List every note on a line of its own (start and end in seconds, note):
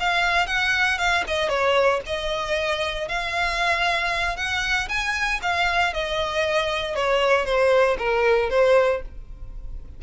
0.00 0.47 F5
0.47 0.98 F#5
0.98 1.24 F5
1.27 1.49 D#5
1.49 2.01 C#5
2.06 3.08 D#5
3.08 4.36 F5
4.36 4.88 F#5
4.89 5.41 G#5
5.42 5.93 F5
5.93 6.95 D#5
6.95 7.45 C#5
7.45 7.97 C5
7.98 8.50 A#4
8.50 9.02 C5